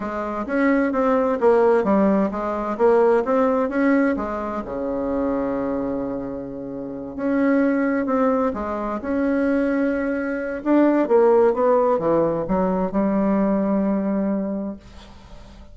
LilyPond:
\new Staff \with { instrumentName = "bassoon" } { \time 4/4 \tempo 4 = 130 gis4 cis'4 c'4 ais4 | g4 gis4 ais4 c'4 | cis'4 gis4 cis2~ | cis2.~ cis8 cis'8~ |
cis'4. c'4 gis4 cis'8~ | cis'2. d'4 | ais4 b4 e4 fis4 | g1 | }